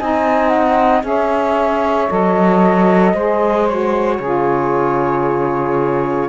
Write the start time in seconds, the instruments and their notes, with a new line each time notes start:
0.00 cello C4, saxophone D#4 D#5, flute G#5
0.49 flute F#5
1.03 cello C#4, saxophone G#4 C#5, flute E5
2.10 cello F#3, saxophone A4, flute D#5
3.14 cello G#3, saxophone G#4 C5
3.69 saxophone F#4, flute C#5
4.18 cello C#3, saxophone F4 G#4